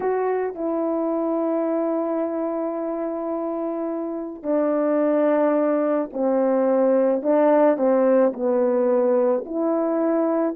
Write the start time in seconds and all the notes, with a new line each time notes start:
0.00 F#4
0.55 E4
4.43 D4
6.13 C4
7.22 D4
7.77 C4
8.33 B3
9.45 E4